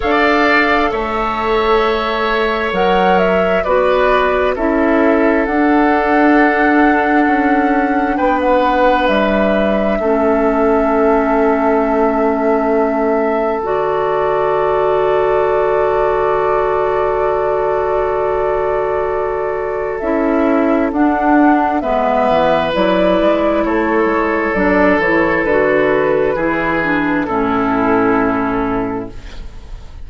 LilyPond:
<<
  \new Staff \with { instrumentName = "flute" } { \time 4/4 \tempo 4 = 66 f''4 e''2 fis''8 e''8 | d''4 e''4 fis''2~ | fis''4 g''16 fis''8. e''2~ | e''2. d''4~ |
d''1~ | d''2 e''4 fis''4 | e''4 d''4 cis''4 d''8 cis''8 | b'2 a'2 | }
  \new Staff \with { instrumentName = "oboe" } { \time 4/4 d''4 cis''2. | b'4 a'2.~ | a'4 b'2 a'4~ | a'1~ |
a'1~ | a'1 | b'2 a'2~ | a'4 gis'4 e'2 | }
  \new Staff \with { instrumentName = "clarinet" } { \time 4/4 a'2. ais'4 | fis'4 e'4 d'2~ | d'2. cis'4~ | cis'2. fis'4~ |
fis'1~ | fis'2 e'4 d'4 | b4 e'2 d'8 e'8 | fis'4 e'8 d'8 cis'2 | }
  \new Staff \with { instrumentName = "bassoon" } { \time 4/4 d'4 a2 fis4 | b4 cis'4 d'2 | cis'4 b4 g4 a4~ | a2. d4~ |
d1~ | d2 cis'4 d'4 | gis8 e8 fis8 gis8 a8 gis8 fis8 e8 | d4 e4 a,2 | }
>>